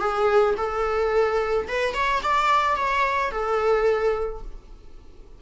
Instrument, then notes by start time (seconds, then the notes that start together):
viola
0.00 G#4
0.58 A4
1.68 B4
1.94 C#5
2.23 D5
2.76 C#5
3.32 A4